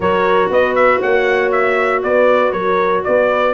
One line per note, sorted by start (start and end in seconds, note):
0.00 0.49 F#3
0.00 3.54 F#4
0.00 0.51 A#4
0.00 0.51 C#5
0.50 1.01 B3
0.50 0.99 B4
0.50 0.75 D#5
0.75 1.00 E5
0.99 2.03 A#3
0.99 2.01 C#5
0.99 1.51 F#5
1.51 2.02 E5
2.02 2.52 B3
2.02 2.52 B4
2.02 2.52 D5
2.52 3.03 F#3
2.52 3.03 A#4
2.52 3.03 C#5
3.03 3.54 B3
3.03 3.54 B4
3.03 3.54 D5